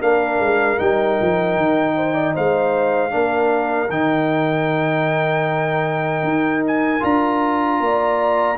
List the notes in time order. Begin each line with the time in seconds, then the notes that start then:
0.00 A#3 D4 A#4 F5
0.39 G#3
0.77 G3 D#4 G5
1.21 F3
1.57 D#3
1.96 C5
2.14 D5
2.34 G#3 C5 F5
3.10 A#3 D4 A#4
3.89 D#3 D#4 G5
6.23 D#4
6.67 G#5
6.99 D4 F4 A#5
7.80 A#3 D5